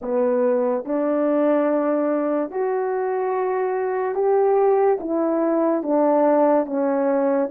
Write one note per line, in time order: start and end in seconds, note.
0.01 0.84 B3
0.84 2.50 D4
2.50 4.14 F#4
4.14 4.98 G4
5.00 5.83 E4
5.83 6.66 D4
6.66 7.49 C#4